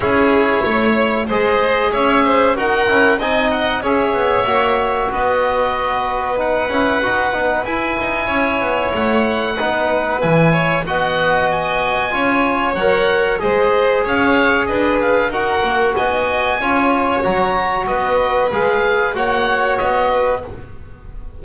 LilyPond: <<
  \new Staff \with { instrumentName = "oboe" } { \time 4/4 \tempo 4 = 94 cis''2 dis''4 e''4 | fis''4 gis''8 fis''8 e''2 | dis''2 fis''2 | gis''2 fis''2 |
gis''4 fis''4 gis''2 | fis''4 dis''4 f''4 dis''8 f''8 | fis''4 gis''2 ais''4 | dis''4 f''4 fis''4 dis''4 | }
  \new Staff \with { instrumentName = "violin" } { \time 4/4 gis'4 cis''4 c''4 cis''8 c''8 | ais'4 dis''4 cis''2 | b'1~ | b'4 cis''2 b'4~ |
b'8 cis''8 dis''2 cis''4~ | cis''4 c''4 cis''4 b'4 | ais'4 dis''4 cis''2 | b'2 cis''4. b'8 | }
  \new Staff \with { instrumentName = "trombone" } { \time 4/4 e'2 gis'2 | fis'8 e'8 dis'4 gis'4 fis'4~ | fis'2 dis'8 e'8 fis'8 dis'8 | e'2. dis'4 |
e'4 fis'2 f'4 | ais'4 gis'2. | fis'2 f'4 fis'4~ | fis'4 gis'4 fis'2 | }
  \new Staff \with { instrumentName = "double bass" } { \time 4/4 cis'4 a4 gis4 cis'4 | dis'8 cis'8 c'4 cis'8 b8 ais4 | b2~ b8 cis'8 dis'8 b8 | e'8 dis'8 cis'8 b8 a4 b4 |
e4 b2 cis'4 | fis4 gis4 cis'4 d'4 | dis'8 ais8 b4 cis'4 fis4 | b4 gis4 ais4 b4 | }
>>